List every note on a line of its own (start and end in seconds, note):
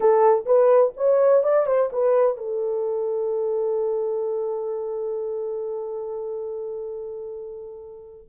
0.00 0.45 A4
0.45 0.92 B4
0.96 1.43 C#5
1.43 1.66 D5
1.66 1.90 C5
1.92 2.37 B4
2.37 8.27 A4